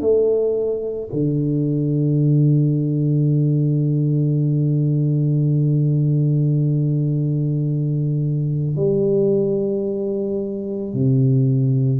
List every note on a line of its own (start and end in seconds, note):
0.00 1.09 A3
1.13 8.76 D3
8.76 10.93 G3
10.93 12.00 C3